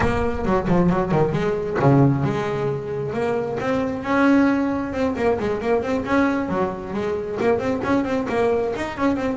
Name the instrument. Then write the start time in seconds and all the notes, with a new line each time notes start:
double bass
0.00 A#3
0.45 F#3
0.67 F3
0.89 F#3
1.11 D#3
1.32 G#3
1.79 C#3
2.23 G#3
3.13 A#3
3.60 C4
4.03 C#4
4.93 C4
5.16 A#3
5.39 G#3
5.61 A#3
5.82 C4
6.05 C#4
6.48 F#3
6.93 G#3
7.39 A#3
7.59 C4
7.83 C#4
8.04 C4
8.28 A#3
8.76 D#4
8.97 C#4
9.16 C4